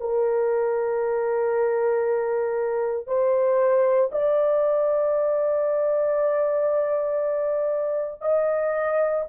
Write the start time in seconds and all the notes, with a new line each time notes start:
0.00 A#4
3.07 C5
4.12 D5
8.21 D#5